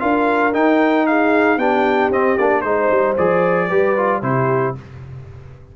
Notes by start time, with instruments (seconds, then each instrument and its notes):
0.00 tuba D4, trombone F4, horn A#4, trumpet F5
0.54 trombone D#4, tuba D#4, trumpet G5
1.07 horn G#4, trumpet F5
1.57 tuba B3, trombone D4, horn G4, trumpet G5
2.11 tuba C4, trombone C4, trumpet D#5
2.38 tuba A#3, trombone D4, trumpet D5
2.61 tuba G#3, trombone D#4, trumpet C5, horn C5
2.91 tuba G3
3.17 tuba F3, trombone G#4, trumpet D5
3.68 tuba G3, trombone G4, horn B4
3.97 trombone F4
4.22 tuba C3, trombone E4, horn G4, trumpet C5